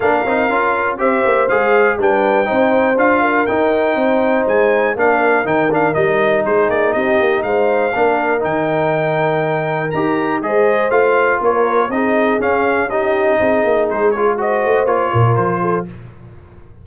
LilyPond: <<
  \new Staff \with { instrumentName = "trumpet" } { \time 4/4 \tempo 4 = 121 f''2 e''4 f''4 | g''2 f''4 g''4~ | g''4 gis''4 f''4 g''8 f''8 | dis''4 c''8 d''8 dis''4 f''4~ |
f''4 g''2. | ais''4 dis''4 f''4 cis''4 | dis''4 f''4 dis''2 | c''8 cis''8 dis''4 cis''4 c''4 | }
  \new Staff \with { instrumentName = "horn" } { \time 4/4 ais'2 c''2 | b'4 c''4. ais'4. | c''2 ais'2~ | ais'4 gis'4 g'4 c''4 |
ais'1~ | ais'4 c''2 ais'4 | gis'2 g'4 gis'4~ | gis'4 c''4. ais'4 a'8 | }
  \new Staff \with { instrumentName = "trombone" } { \time 4/4 d'8 dis'8 f'4 g'4 gis'4 | d'4 dis'4 f'4 dis'4~ | dis'2 d'4 dis'8 d'8 | dis'1 |
d'4 dis'2. | g'4 gis'4 f'2 | dis'4 cis'4 dis'2~ | dis'8 f'8 fis'4 f'2 | }
  \new Staff \with { instrumentName = "tuba" } { \time 4/4 ais8 c'8 cis'4 c'8 ais8 gis4 | g4 c'4 d'4 dis'4 | c'4 gis4 ais4 dis4 | g4 gis8 ais8 c'8 ais8 gis4 |
ais4 dis2. | dis'4 gis4 a4 ais4 | c'4 cis'2 c'8 ais8 | gis4. a8 ais8 ais,8 f4 | }
>>